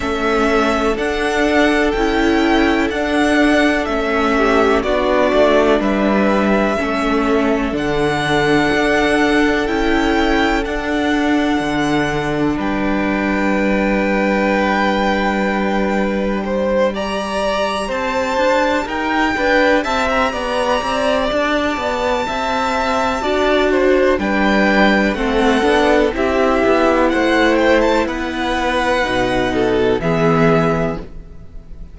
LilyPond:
<<
  \new Staff \with { instrumentName = "violin" } { \time 4/4 \tempo 4 = 62 e''4 fis''4 g''4 fis''4 | e''4 d''4 e''2 | fis''2 g''4 fis''4~ | fis''4 g''2.~ |
g''4. ais''4 a''4 g''8~ | g''8 a''16 ais''4~ ais''16 a''2~ | a''4 g''4 fis''4 e''4 | fis''8 g''16 a''16 fis''2 e''4 | }
  \new Staff \with { instrumentName = "violin" } { \time 4/4 a'1~ | a'8 g'8 fis'4 b'4 a'4~ | a'1~ | a'4 b'2.~ |
b'4 c''8 d''4 c''4 ais'8 | b'8 e''8 d''2 e''4 | d''8 c''8 b'4 a'4 g'4 | c''4 b'4. a'8 gis'4 | }
  \new Staff \with { instrumentName = "viola" } { \time 4/4 cis'4 d'4 e'4 d'4 | cis'4 d'2 cis'4 | d'2 e'4 d'4~ | d'1~ |
d'4. g'2~ g'8~ | g'1 | fis'4 d'4 c'8 d'8 e'4~ | e'2 dis'4 b4 | }
  \new Staff \with { instrumentName = "cello" } { \time 4/4 a4 d'4 cis'4 d'4 | a4 b8 a8 g4 a4 | d4 d'4 cis'4 d'4 | d4 g2.~ |
g2~ g8 c'8 d'8 dis'8 | d'8 c'8 b8 c'8 d'8 b8 c'4 | d'4 g4 a8 b8 c'8 b8 | a4 b4 b,4 e4 | }
>>